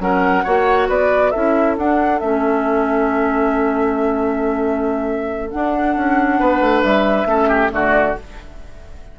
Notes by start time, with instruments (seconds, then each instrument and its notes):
0.00 bassoon F#3, clarinet C#4, oboe A#4, flute F#5
0.44 bassoon A#3, clarinet F#4, oboe C#5
0.89 bassoon B3, oboe B4, flute D5
1.31 bassoon C#4, clarinet E4, oboe A4, flute E5
1.78 bassoon D4, clarinet D4, flute F#5
2.20 bassoon A3, clarinet C#4, flute E5
5.51 clarinet D4, bassoon D4, flute F#5
5.97 bassoon C#4
6.40 bassoon B3, oboe B4
6.61 bassoon A3
6.83 bassoon G3, flute E5
7.26 bassoon A3, clarinet C#4, oboe A4
7.49 oboe G4
7.70 bassoon D3, clarinet A3, oboe F#4, flute D5